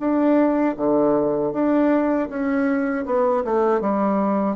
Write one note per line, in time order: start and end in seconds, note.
0.00 0.76 D4
0.77 1.53 D3
1.53 2.29 D4
2.30 3.06 C#4
3.06 3.44 B3
3.45 3.81 A3
3.81 4.57 G3